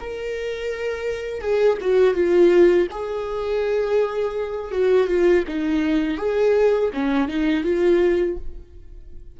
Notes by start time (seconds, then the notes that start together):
0.00 A#4
1.41 G#4
1.81 F#4
2.14 F4
2.91 G#4
4.71 F#4
5.08 F4
5.47 D#4
6.18 G#4
6.93 C#4
7.28 D#4
7.64 F4